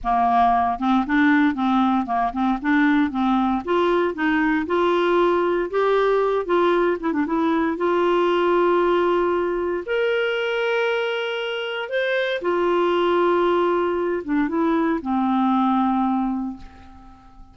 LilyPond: \new Staff \with { instrumentName = "clarinet" } { \time 4/4 \tempo 4 = 116 ais4. c'8 d'4 c'4 | ais8 c'8 d'4 c'4 f'4 | dis'4 f'2 g'4~ | g'8 f'4 e'16 d'16 e'4 f'4~ |
f'2. ais'4~ | ais'2. c''4 | f'2.~ f'8 d'8 | e'4 c'2. | }